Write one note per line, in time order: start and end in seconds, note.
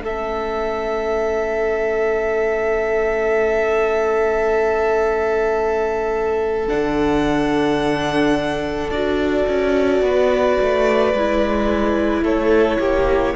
0.00 6.67 A3
0.00 6.68 C#4
0.00 10.03 A4
0.00 6.68 E5
6.68 8.89 D3
6.68 8.91 D4
6.68 8.90 F#5
8.89 9.45 D4
8.89 11.15 F#4
8.89 12.24 D5
9.48 10.01 C#4
10.01 10.57 B3
10.01 12.23 B4
10.61 11.13 A3
11.13 12.23 G#3
11.13 13.35 E4
12.23 12.78 A3
12.23 12.78 A4
12.23 13.35 C#5
12.79 13.34 A#3
12.79 13.34 G4